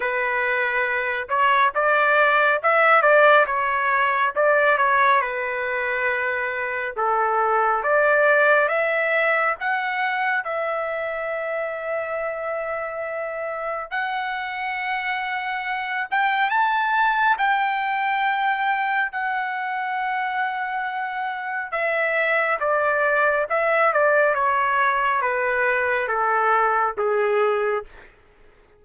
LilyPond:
\new Staff \with { instrumentName = "trumpet" } { \time 4/4 \tempo 4 = 69 b'4. cis''8 d''4 e''8 d''8 | cis''4 d''8 cis''8 b'2 | a'4 d''4 e''4 fis''4 | e''1 |
fis''2~ fis''8 g''8 a''4 | g''2 fis''2~ | fis''4 e''4 d''4 e''8 d''8 | cis''4 b'4 a'4 gis'4 | }